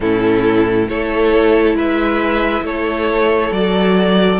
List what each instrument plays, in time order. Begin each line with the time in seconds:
0.00 cello A2, viola C#4, violin E4 A4
0.88 cello A3, viola E4, violin A4 C#5
1.74 cello G#3, violin B4 E5
2.62 cello A3, violin A4 C#5
3.51 cello F#3, viola F#4, violin D5